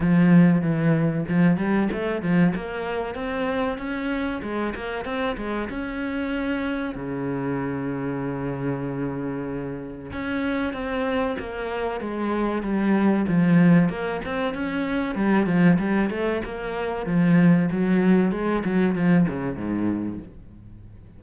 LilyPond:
\new Staff \with { instrumentName = "cello" } { \time 4/4 \tempo 4 = 95 f4 e4 f8 g8 a8 f8 | ais4 c'4 cis'4 gis8 ais8 | c'8 gis8 cis'2 cis4~ | cis1 |
cis'4 c'4 ais4 gis4 | g4 f4 ais8 c'8 cis'4 | g8 f8 g8 a8 ais4 f4 | fis4 gis8 fis8 f8 cis8 gis,4 | }